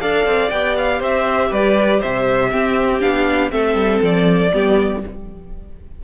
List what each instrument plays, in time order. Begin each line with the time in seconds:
0.00 cello D4, viola A4, violin D5 F5
0.26 cello C4
0.50 cello B3, viola G4, violin G5
0.77 violin F5
0.99 cello C4, violin C5 E5
1.50 cello G3, violin B4 D5
2.00 cello C3, violin C5 E5
2.51 viola C4, cello C4, violin G4
3.00 cello B3, viola D4, violin F5
3.50 cello A3, viola C4, violin A4 E5
3.75 cello G3
4.02 cello F3, violin D5
4.53 cello G3, viola B3, violin G4